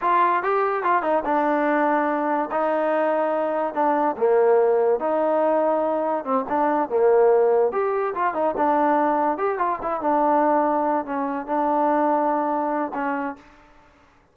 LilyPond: \new Staff \with { instrumentName = "trombone" } { \time 4/4 \tempo 4 = 144 f'4 g'4 f'8 dis'8 d'4~ | d'2 dis'2~ | dis'4 d'4 ais2 | dis'2. c'8 d'8~ |
d'8 ais2 g'4 f'8 | dis'8 d'2 g'8 f'8 e'8 | d'2~ d'8 cis'4 d'8~ | d'2. cis'4 | }